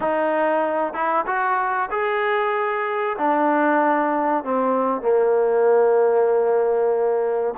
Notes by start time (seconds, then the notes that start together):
0.00 D#4
0.93 E4
1.26 F#4
1.90 G#4
3.18 D4
4.44 C4
5.01 A#3